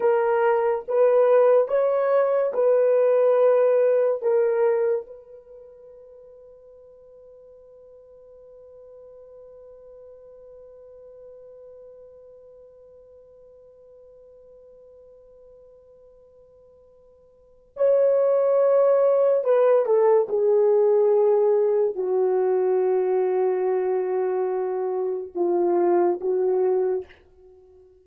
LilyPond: \new Staff \with { instrumentName = "horn" } { \time 4/4 \tempo 4 = 71 ais'4 b'4 cis''4 b'4~ | b'4 ais'4 b'2~ | b'1~ | b'1~ |
b'1~ | b'4 cis''2 b'8 a'8 | gis'2 fis'2~ | fis'2 f'4 fis'4 | }